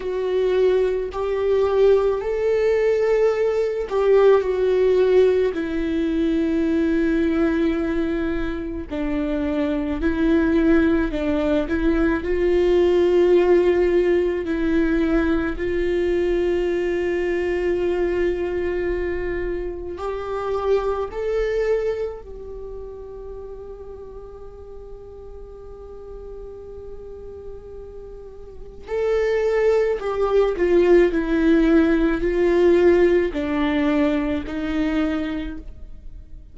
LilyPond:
\new Staff \with { instrumentName = "viola" } { \time 4/4 \tempo 4 = 54 fis'4 g'4 a'4. g'8 | fis'4 e'2. | d'4 e'4 d'8 e'8 f'4~ | f'4 e'4 f'2~ |
f'2 g'4 a'4 | g'1~ | g'2 a'4 g'8 f'8 | e'4 f'4 d'4 dis'4 | }